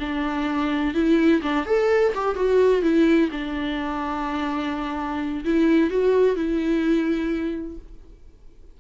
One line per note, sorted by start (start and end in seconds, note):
0.00 0.94 D4
0.94 1.42 E4
1.43 1.66 D4
1.66 2.13 A4
2.15 2.36 G4
2.36 2.83 F#4
2.83 3.30 E4
3.32 5.44 D4
5.45 5.90 E4
5.90 6.36 F#4
6.36 7.78 E4